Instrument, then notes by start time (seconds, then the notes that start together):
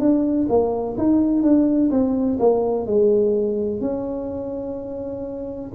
tuba
0.00 D4
0.49 A#3
0.98 D#4
1.43 D4
1.91 C4
2.40 A#3
2.87 G#3
3.81 C#4